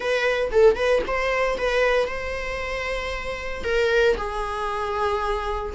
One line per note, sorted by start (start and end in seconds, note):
0.00 0.51 B4
0.51 0.75 A4
0.75 1.01 B4
1.07 1.58 C5
1.58 2.07 B4
2.07 3.64 C5
3.64 4.16 A#4
4.17 5.73 G#4